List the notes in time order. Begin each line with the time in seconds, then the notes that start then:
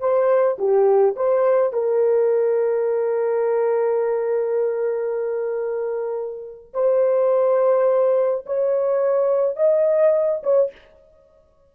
0.00 C5
0.58 G4
1.16 C5
1.73 A#4
6.73 C5
8.46 C#5
9.56 D#5
10.43 C#5